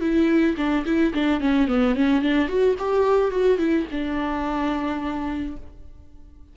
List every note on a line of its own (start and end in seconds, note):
0.00 0.55 E4
0.57 0.84 D4
0.85 1.13 E4
1.14 1.40 D4
1.40 1.67 C#4
1.67 1.95 B3
1.95 2.21 C#4
2.21 2.48 D4
2.48 2.75 F#4
2.78 3.31 G4
3.31 3.58 F#4
3.58 3.86 E4
3.91 5.56 D4